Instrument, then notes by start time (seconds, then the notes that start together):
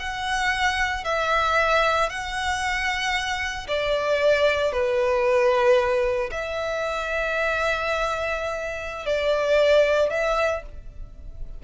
violin
0.00 F#5
1.05 E5
2.10 F#5
3.68 D5
4.73 B4
6.32 E5
9.06 D5
10.11 E5